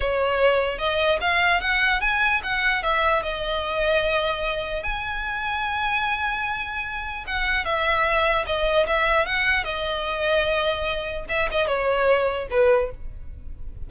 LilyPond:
\new Staff \with { instrumentName = "violin" } { \time 4/4 \tempo 4 = 149 cis''2 dis''4 f''4 | fis''4 gis''4 fis''4 e''4 | dis''1 | gis''1~ |
gis''2 fis''4 e''4~ | e''4 dis''4 e''4 fis''4 | dis''1 | e''8 dis''8 cis''2 b'4 | }